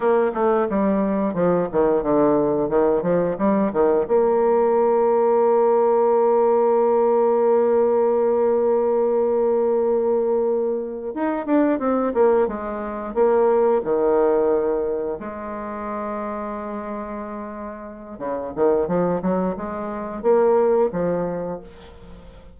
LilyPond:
\new Staff \with { instrumentName = "bassoon" } { \time 4/4 \tempo 4 = 89 ais8 a8 g4 f8 dis8 d4 | dis8 f8 g8 dis8 ais2~ | ais1~ | ais1~ |
ais8 dis'8 d'8 c'8 ais8 gis4 ais8~ | ais8 dis2 gis4.~ | gis2. cis8 dis8 | f8 fis8 gis4 ais4 f4 | }